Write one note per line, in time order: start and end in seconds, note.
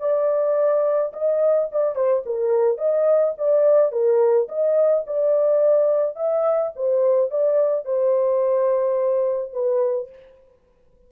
0.00 1.12 D5
1.13 1.69 D#5
1.72 1.95 D5
1.95 2.24 C5
2.26 2.78 A#4
2.78 3.34 D#5
3.38 3.92 D5
3.92 4.48 A#4
4.49 5.05 D#5
5.06 6.16 D5
6.16 6.72 E5
6.76 7.31 C5
7.31 7.85 D5
7.85 9.53 C5
9.53 10.09 B4